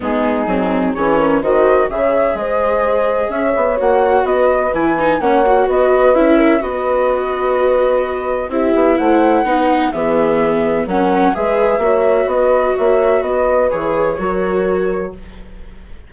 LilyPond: <<
  \new Staff \with { instrumentName = "flute" } { \time 4/4 \tempo 4 = 127 gis'2 cis''4 dis''4 | e''4 dis''2 e''4 | fis''4 dis''4 gis''4 fis''4 | dis''4 e''4 dis''2~ |
dis''2 e''4 fis''4~ | fis''4 e''2 fis''4 | e''2 dis''4 e''4 | dis''4 cis''2. | }
  \new Staff \with { instrumentName = "horn" } { \time 4/4 dis'2 gis'8 ais'8 c''4 | cis''4 c''2 cis''4~ | cis''4 b'2 cis''4 | b'4. ais'8 b'2~ |
b'2 g'4 c''4 | b'4 gis'2 ais'4 | b'4 cis''4 b'4 cis''4 | b'2 ais'2 | }
  \new Staff \with { instrumentName = "viola" } { \time 4/4 b4 c'4 cis'4 fis'4 | gis'1 | fis'2 e'8 dis'8 cis'8 fis'8~ | fis'4 e'4 fis'2~ |
fis'2 e'2 | dis'4 b2 cis'4 | gis'4 fis'2.~ | fis'4 gis'4 fis'2 | }
  \new Staff \with { instrumentName = "bassoon" } { \time 4/4 gis4 fis4 e4 dis4 | cis4 gis2 cis'8 b8 | ais4 b4 e4 ais4 | b4 cis'4 b2~ |
b2 c'8 b8 a4 | b4 e2 fis4 | gis4 ais4 b4 ais4 | b4 e4 fis2 | }
>>